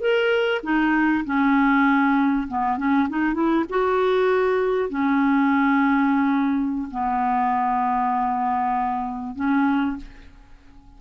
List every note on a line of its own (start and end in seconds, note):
0.00 0.61 A#4
0.63 1.24 D#4
1.25 2.47 C#4
2.48 2.77 B3
2.77 3.08 C#4
3.09 3.34 D#4
3.34 3.65 E4
3.69 4.89 F#4
4.89 6.88 C#4
6.91 9.35 B3
9.35 9.97 C#4